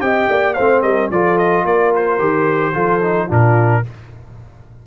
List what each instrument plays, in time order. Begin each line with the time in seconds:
0.00 tuba C4, trombone G4, horn D#5, trumpet G5
0.29 tuba A#3, horn D5
0.53 tuba A3, trombone C4, horn C5, trumpet F5
0.81 tuba G3, horn A#4, trumpet D#5
1.10 tuba F3, trombone F4, horn A4, trumpet D5
1.38 trumpet D#5
1.64 tuba A#3, horn A#4, trumpet D5
1.95 trumpet C5
2.19 tuba D#3, trombone G4
2.73 tuba F3, trombone F4, horn A4
3.01 trombone D#4
3.27 tuba A#2, trombone D4, horn F4, trumpet A#4